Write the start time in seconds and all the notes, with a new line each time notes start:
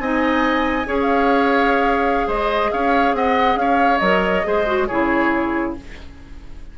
0.00 C4 D#4 D#5 G#5
0.86 C#4 G#4 C#5
1.02 F5
2.28 G#3 C5 D#5
2.72 C#4 C#5 F5
3.14 C4 D#5 F#5
3.56 C#4 C#5 F5
3.98 F#3 A#4 D#5
4.44 G#3 G#4 C5
4.66 F#4
4.87 C#3 E4 G#4 C#5